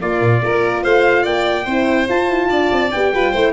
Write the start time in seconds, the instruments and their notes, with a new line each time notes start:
0.00 horn A#3, tuba A#3, violin F4, trumpet D5
0.21 tuba A#2
0.40 tuba A#3, horn F4, violin A#4
0.83 tuba A3, violin C5, trumpet F5
1.23 tuba A#3, violin D5, trumpet G5
1.65 tuba C4, horn E4, violin C5
2.08 horn F4, tuba F4, trumpet A5
2.29 tuba E4
2.49 tuba D4, violin D5
2.72 tuba C4
2.91 tuba B3, horn G4, trumpet G5
3.12 tuba G3, horn F4, violin B4
3.31 tuba A3, horn E4, violin C5